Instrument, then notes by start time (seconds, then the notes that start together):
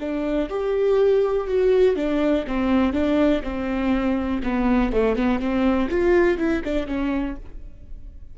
viola
0.00 D4
0.50 G4
1.48 F#4
1.96 D4
2.47 C4
2.94 D4
3.43 C4
4.43 B3
4.92 A3
5.16 B3
5.40 C4
5.90 F4
6.38 E4
6.64 D4
6.87 C#4